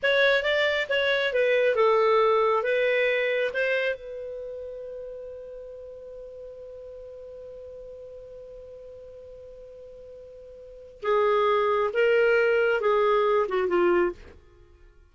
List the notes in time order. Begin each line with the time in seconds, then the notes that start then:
0.02 C#5
0.43 D5
0.89 C#5
1.33 B4
1.75 A4
2.63 B4
3.53 C5
3.95 B4
11.02 G#4
11.93 A#4
12.80 G#4
13.48 F#4
13.68 F4